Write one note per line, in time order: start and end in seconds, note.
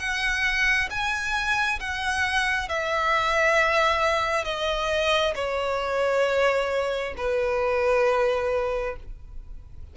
0.00 0.90 F#5
0.90 1.80 G#5
1.80 2.69 F#5
2.69 4.45 E5
4.45 5.35 D#5
5.35 7.14 C#5
7.17 8.96 B4